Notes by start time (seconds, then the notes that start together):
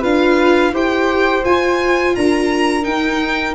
0.00 D4 F4 B4 F5
0.72 E4 G4 C5 G5
1.44 F4 G#5
2.15 D4 A#4 A#5
2.83 D#4 G5